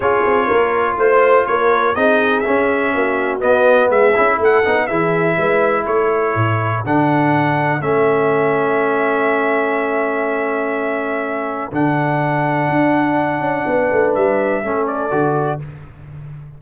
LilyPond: <<
  \new Staff \with { instrumentName = "trumpet" } { \time 4/4 \tempo 4 = 123 cis''2 c''4 cis''4 | dis''4 e''2 dis''4 | e''4 fis''4 e''2 | cis''2 fis''2 |
e''1~ | e''1 | fis''1~ | fis''4 e''4. d''4. | }
  \new Staff \with { instrumentName = "horn" } { \time 4/4 gis'4 ais'4 c''4 ais'4 | gis'2 fis'2 | gis'4 a'4 gis'4 b'4 | a'1~ |
a'1~ | a'1~ | a'1 | b'2 a'2 | }
  \new Staff \with { instrumentName = "trombone" } { \time 4/4 f'1 | dis'4 cis'2 b4~ | b8 e'4 dis'8 e'2~ | e'2 d'2 |
cis'1~ | cis'1 | d'1~ | d'2 cis'4 fis'4 | }
  \new Staff \with { instrumentName = "tuba" } { \time 4/4 cis'8 c'8 ais4 a4 ais4 | c'4 cis'4 ais4 b4 | gis8 cis'8 a8 b8 e4 gis4 | a4 a,4 d2 |
a1~ | a1 | d2 d'4. cis'8 | b8 a8 g4 a4 d4 | }
>>